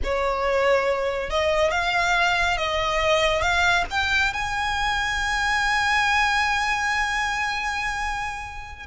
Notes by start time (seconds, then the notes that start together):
0.03 C#5
1.29 D#5
1.71 F5
2.57 D#5
3.41 F5
3.90 G5
4.33 G#5